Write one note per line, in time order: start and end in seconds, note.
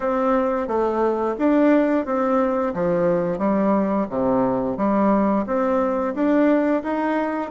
0.00 0.67 C4
0.67 1.35 A3
1.38 2.05 D4
2.05 2.73 C4
2.74 3.38 F3
3.38 4.06 G3
4.09 4.77 C3
4.77 5.45 G3
5.46 6.14 C4
6.14 6.82 D4
6.83 7.50 D#4